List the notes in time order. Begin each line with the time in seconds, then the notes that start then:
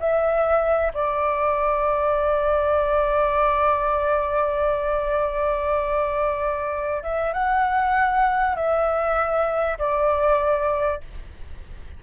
0.00 E5
0.94 D5
7.03 E5
7.33 F#5
8.55 E5
9.78 D5